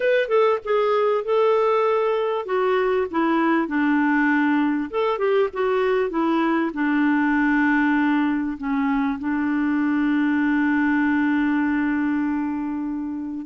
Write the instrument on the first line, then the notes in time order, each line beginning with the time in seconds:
clarinet
0.00 B4
0.28 A4
0.64 G#4
1.24 A4
2.45 F#4
3.11 E4
3.67 D4
4.90 A4
5.18 G4
5.53 F#4
6.10 E4
6.73 D4
8.57 C#4
9.19 D4